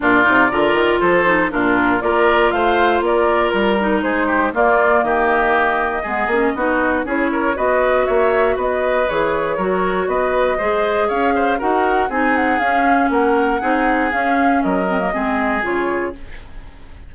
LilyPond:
<<
  \new Staff \with { instrumentName = "flute" } { \time 4/4 \tempo 4 = 119 d''2 c''4 ais'4 | d''4 f''4 d''4 ais'4 | c''4 d''4 dis''2~ | dis''2 cis''4 dis''4 |
e''4 dis''4 cis''2 | dis''2 f''4 fis''4 | gis''8 fis''8 f''4 fis''2 | f''4 dis''2 cis''4 | }
  \new Staff \with { instrumentName = "oboe" } { \time 4/4 f'4 ais'4 a'4 f'4 | ais'4 c''4 ais'2 | gis'8 g'8 f'4 g'2 | gis'4 fis'4 gis'8 ais'8 b'4 |
cis''4 b'2 ais'4 | b'4 c''4 cis''8 c''8 ais'4 | gis'2 ais'4 gis'4~ | gis'4 ais'4 gis'2 | }
  \new Staff \with { instrumentName = "clarinet" } { \time 4/4 d'8 dis'8 f'4. dis'8 d'4 | f'2.~ f'8 dis'8~ | dis'4 ais2. | b8 cis'8 dis'4 e'4 fis'4~ |
fis'2 gis'4 fis'4~ | fis'4 gis'2 fis'4 | dis'4 cis'2 dis'4 | cis'4. c'16 ais16 c'4 f'4 | }
  \new Staff \with { instrumentName = "bassoon" } { \time 4/4 ais,8 c8 d8 dis8 f4 ais,4 | ais4 a4 ais4 g4 | gis4 ais4 dis2 | gis8 ais8 b4 cis'4 b4 |
ais4 b4 e4 fis4 | b4 gis4 cis'4 dis'4 | c'4 cis'4 ais4 c'4 | cis'4 fis4 gis4 cis4 | }
>>